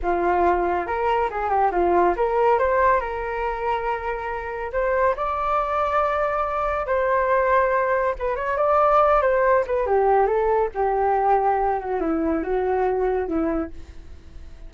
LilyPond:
\new Staff \with { instrumentName = "flute" } { \time 4/4 \tempo 4 = 140 f'2 ais'4 gis'8 g'8 | f'4 ais'4 c''4 ais'4~ | ais'2. c''4 | d''1 |
c''2. b'8 cis''8 | d''4. c''4 b'8 g'4 | a'4 g'2~ g'8 fis'8 | e'4 fis'2 e'4 | }